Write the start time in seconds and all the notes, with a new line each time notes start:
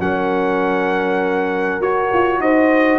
0.00 F#3 C#4 A#4 F#5
1.80 F#4 C#5
2.14 F4
2.39 D#4 C5 D#5